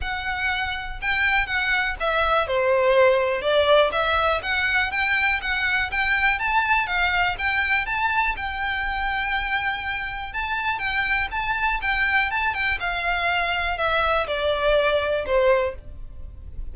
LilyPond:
\new Staff \with { instrumentName = "violin" } { \time 4/4 \tempo 4 = 122 fis''2 g''4 fis''4 | e''4 c''2 d''4 | e''4 fis''4 g''4 fis''4 | g''4 a''4 f''4 g''4 |
a''4 g''2.~ | g''4 a''4 g''4 a''4 | g''4 a''8 g''8 f''2 | e''4 d''2 c''4 | }